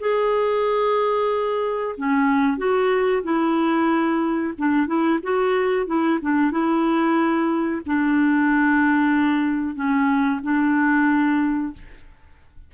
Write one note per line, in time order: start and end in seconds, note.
0.00 1.96 G#4
1.97 2.57 C#4
2.57 3.23 F#4
3.23 4.54 E4
4.58 4.87 D4
4.87 5.19 E4
5.23 5.86 F#4
5.86 6.19 E4
6.21 6.51 D4
6.51 7.82 E4
7.86 9.75 D4
9.75 10.40 C#4
10.43 11.73 D4